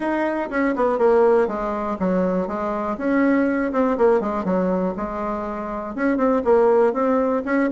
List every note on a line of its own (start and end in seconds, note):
0.00 0.49 D#4
0.50 0.74 C#4
0.75 0.98 B3
0.98 1.47 A#3
1.47 1.97 G#3
1.99 2.47 F#3
2.47 2.97 G#3
2.97 3.72 C#4
3.72 3.97 C4
3.97 4.20 A#3
4.20 4.44 G#3
4.44 4.93 F#3
4.96 5.95 G#3
5.95 6.17 C#4
6.17 6.42 C4
6.44 6.93 A#3
6.93 7.42 C4
7.45 7.69 C#4